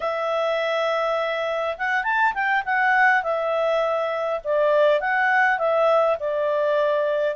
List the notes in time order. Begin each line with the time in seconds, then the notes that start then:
0.00 E5
1.77 F#5
2.03 A5
2.34 G5
2.65 F#5
3.23 E5
4.44 D5
5.00 F#5
5.58 E5
6.19 D5